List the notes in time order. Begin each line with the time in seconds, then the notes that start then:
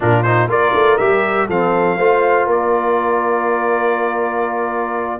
0.00 A#2 D4 F4 A#4
0.22 D#4 C5
0.48 A#3 F4 A#4 D5
0.73 A3
0.97 G3 G4 E5
1.48 F3 C4 A4 F5
1.96 A3 F4 C5
2.46 A#3 A#4 D5